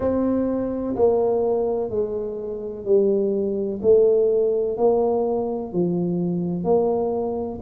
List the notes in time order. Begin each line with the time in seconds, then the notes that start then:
0.00 C4
0.95 A#3
1.90 G#3
2.85 G3
3.82 A3
4.77 A#3
5.72 F3
6.64 A#3